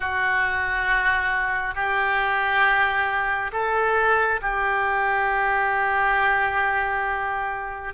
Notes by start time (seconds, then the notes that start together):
0.00 F#4
1.74 G4
3.52 A4
4.41 G4